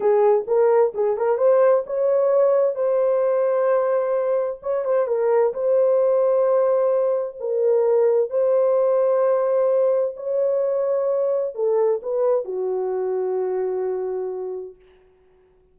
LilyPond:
\new Staff \with { instrumentName = "horn" } { \time 4/4 \tempo 4 = 130 gis'4 ais'4 gis'8 ais'8 c''4 | cis''2 c''2~ | c''2 cis''8 c''8 ais'4 | c''1 |
ais'2 c''2~ | c''2 cis''2~ | cis''4 a'4 b'4 fis'4~ | fis'1 | }